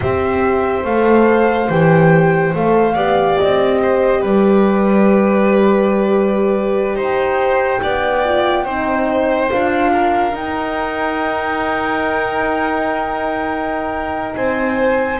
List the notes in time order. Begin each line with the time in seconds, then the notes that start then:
0.00 C4 G4 C5 E5
0.84 A3 A4 F5
1.69 E3 G4 G5
2.54 A3 A4 F5
2.94 B3 G4 D5
3.39 C4 D#5
3.82 C5
4.21 G3 B4 D5
6.95 D#4 C5 G5
7.82 B3 D5
8.24 F4
8.64 C4 D#4 C5
9.49 D4 F4 F5
9.92 A#4
10.33 D#4 G5
14.34 C4 C5 G#5